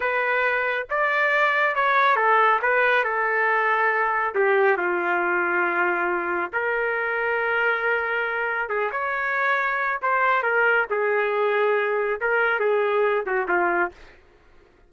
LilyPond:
\new Staff \with { instrumentName = "trumpet" } { \time 4/4 \tempo 4 = 138 b'2 d''2 | cis''4 a'4 b'4 a'4~ | a'2 g'4 f'4~ | f'2. ais'4~ |
ais'1 | gis'8 cis''2~ cis''8 c''4 | ais'4 gis'2. | ais'4 gis'4. fis'8 f'4 | }